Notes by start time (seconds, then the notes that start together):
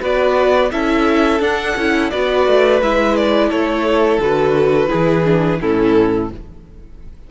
0.00 B3 F#4 B4 D5
0.71 C#4 E4 A4 E5
1.40 D4 F#5
1.76 C#4 E4
2.10 B3 F#4 B4 D5
2.47 A3
2.81 G#3 E4 E5
3.16 D5
3.49 A3 A4 C#5
4.18 D3 F#4 B4
4.88 E3 E4 G#4
5.24 D4
5.60 A2 C#4 E4 A4